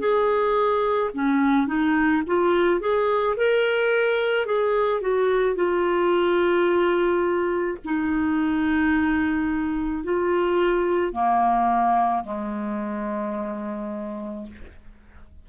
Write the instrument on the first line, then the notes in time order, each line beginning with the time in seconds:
clarinet
0.00 G#4
1.14 C#4
1.68 D#4
2.27 F4
2.81 G#4
3.37 A#4
4.46 G#4
5.02 F#4
5.56 F4
7.85 D#4
10.04 F4
11.13 A#3
12.25 G#3